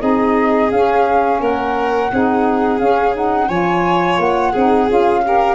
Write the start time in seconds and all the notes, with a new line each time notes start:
0.00 C4 D#4 G#4 D#5
0.72 C#4 F5
1.41 A#3 A#4 F#5
2.13 C4 D#4 G#4
2.80 C#4 F5
3.15 D#4 F#5
3.48 F3 F4 C#5 G#5
4.19 A#3 F#5
4.52 C4 D#4 G#4
4.89 C#4 F4 F5
5.23 G4 A#4